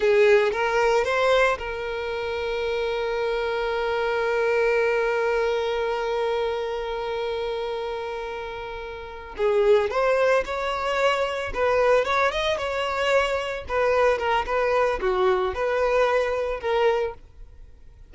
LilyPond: \new Staff \with { instrumentName = "violin" } { \time 4/4 \tempo 4 = 112 gis'4 ais'4 c''4 ais'4~ | ais'1~ | ais'1~ | ais'1~ |
ais'4. gis'4 c''4 cis''8~ | cis''4. b'4 cis''8 dis''8 cis''8~ | cis''4. b'4 ais'8 b'4 | fis'4 b'2 ais'4 | }